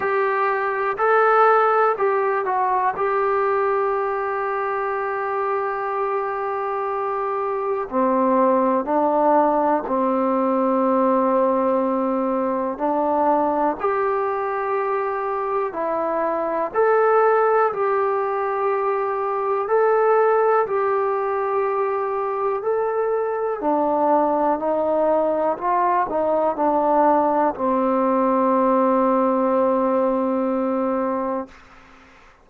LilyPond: \new Staff \with { instrumentName = "trombone" } { \time 4/4 \tempo 4 = 61 g'4 a'4 g'8 fis'8 g'4~ | g'1 | c'4 d'4 c'2~ | c'4 d'4 g'2 |
e'4 a'4 g'2 | a'4 g'2 a'4 | d'4 dis'4 f'8 dis'8 d'4 | c'1 | }